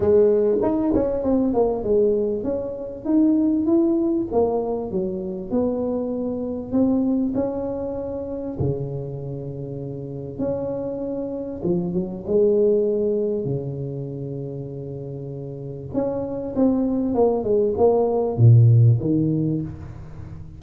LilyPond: \new Staff \with { instrumentName = "tuba" } { \time 4/4 \tempo 4 = 98 gis4 dis'8 cis'8 c'8 ais8 gis4 | cis'4 dis'4 e'4 ais4 | fis4 b2 c'4 | cis'2 cis2~ |
cis4 cis'2 f8 fis8 | gis2 cis2~ | cis2 cis'4 c'4 | ais8 gis8 ais4 ais,4 dis4 | }